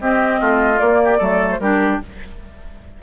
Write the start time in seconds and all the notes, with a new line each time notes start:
0.00 C4 G4 D#5
0.40 A3 F4
0.76 A#3 D5
1.04 G4
1.17 F#3 A3 A4
1.51 C5
1.59 G3 D4 G4 A#4